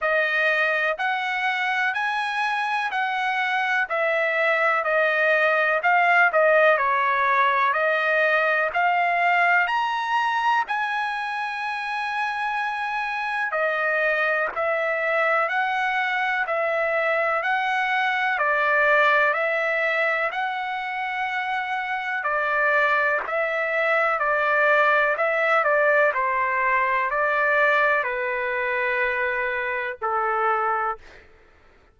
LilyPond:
\new Staff \with { instrumentName = "trumpet" } { \time 4/4 \tempo 4 = 62 dis''4 fis''4 gis''4 fis''4 | e''4 dis''4 f''8 dis''8 cis''4 | dis''4 f''4 ais''4 gis''4~ | gis''2 dis''4 e''4 |
fis''4 e''4 fis''4 d''4 | e''4 fis''2 d''4 | e''4 d''4 e''8 d''8 c''4 | d''4 b'2 a'4 | }